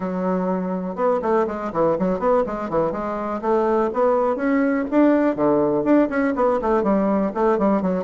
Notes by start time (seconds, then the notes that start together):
0.00 F#3
0.95 B3
1.22 A3
1.47 G#3
1.73 E3
1.99 F#3
2.19 B3
2.46 G#3
2.69 E3
2.92 G#3
3.41 A3
3.93 B3
4.35 C#4
4.90 D4
5.35 D3
5.84 D4
6.09 C#4
6.35 B3
6.61 A3
6.83 G3
7.34 A3
7.58 G3
7.82 F#3